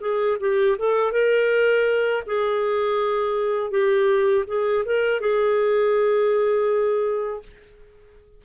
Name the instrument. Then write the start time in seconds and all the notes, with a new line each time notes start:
clarinet
0.00 G#4
0.40 G4
0.78 A4
1.12 A#4
2.26 G#4
3.70 G4
4.47 G#4
4.85 A#4
5.20 G#4